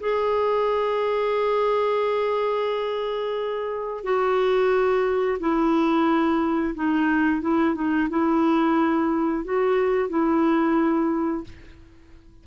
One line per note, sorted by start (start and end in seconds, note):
0.00 4.04 G#4
4.04 5.39 F#4
5.40 6.74 E4
6.75 7.41 D#4
7.41 7.75 E4
7.75 8.09 D#4
8.10 9.44 E4
9.44 10.09 F#4
10.09 11.44 E4